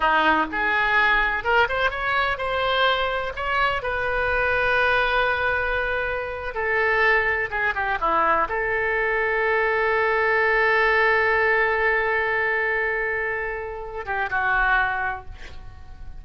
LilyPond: \new Staff \with { instrumentName = "oboe" } { \time 4/4 \tempo 4 = 126 dis'4 gis'2 ais'8 c''8 | cis''4 c''2 cis''4 | b'1~ | b'4.~ b'16 a'2 gis'16~ |
gis'16 g'8 e'4 a'2~ a'16~ | a'1~ | a'1~ | a'4. g'8 fis'2 | }